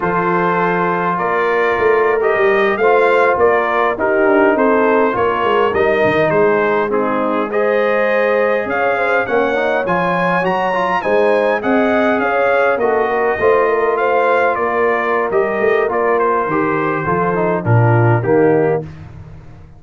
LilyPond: <<
  \new Staff \with { instrumentName = "trumpet" } { \time 4/4 \tempo 4 = 102 c''2 d''4.~ d''16 dis''16~ | dis''8. f''4 d''4 ais'4 c''16~ | c''8. cis''4 dis''4 c''4 gis'16~ | gis'8. dis''2 f''4 fis''16~ |
fis''8. gis''4 ais''4 gis''4 fis''16~ | fis''8. f''4 dis''2 f''16~ | f''8. d''4~ d''16 dis''4 d''8 c''8~ | c''2 ais'4 g'4 | }
  \new Staff \with { instrumentName = "horn" } { \time 4/4 a'2 ais'2~ | ais'8. c''4 ais'4 g'4 a'16~ | a'8. ais'2 gis'4 dis'16~ | dis'8. c''2 cis''8 c''8 cis''16~ |
cis''2~ cis''8. c''4 dis''16~ | dis''8. cis''4 a'8 ais'8 c''8 ais'8 c''16~ | c''8. ais'2.~ ais'16~ | ais'4 a'4 f'4 dis'4 | }
  \new Staff \with { instrumentName = "trombone" } { \time 4/4 f'2.~ f'8. g'16~ | g'8. f'2 dis'4~ dis'16~ | dis'8. f'4 dis'2 c'16~ | c'8. gis'2. cis'16~ |
cis'16 dis'8 f'4 fis'8 f'8 dis'4 gis'16~ | gis'4.~ gis'16 fis'4 f'4~ f'16~ | f'2 g'4 f'4 | g'4 f'8 dis'8 d'4 ais4 | }
  \new Staff \with { instrumentName = "tuba" } { \time 4/4 f2 ais4 a4 | g8. a4 ais4 dis'8 d'8 c'16~ | c'8. ais8 gis8 g8 dis8 gis4~ gis16~ | gis2~ gis8. cis'4 ais16~ |
ais8. f4 fis4 gis4 c'16~ | c'8. cis'4 ais4 a4~ a16~ | a8. ais4~ ais16 g8 a8 ais4 | dis4 f4 ais,4 dis4 | }
>>